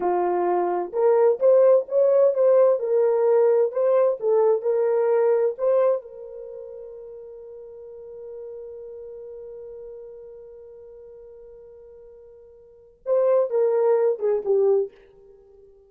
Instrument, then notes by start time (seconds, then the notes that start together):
horn
0.00 F4
0.92 A#4
1.39 C5
1.88 C#5
2.34 C5
2.79 A#4
3.71 C5
4.20 A4
4.62 A#4
5.58 C5
6.01 A#4
13.05 C5
13.50 A#4
14.19 G#4
14.44 G4